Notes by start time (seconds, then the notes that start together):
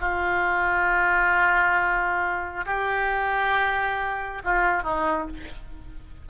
0.00 F4
2.66 G4
4.44 F4
4.82 D#4